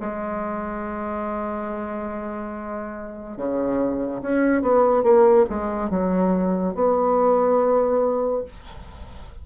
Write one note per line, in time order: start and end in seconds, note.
0.00 3.37 G#3
3.37 4.21 C#3
4.22 4.62 C#4
4.62 5.03 B3
5.03 5.45 A#3
5.49 5.90 G#3
5.90 6.75 F#3
6.75 8.44 B3